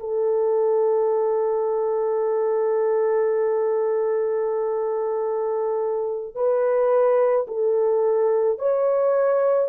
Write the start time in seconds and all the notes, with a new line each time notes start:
0.00 A4
6.35 B4
7.47 A4
8.59 C#5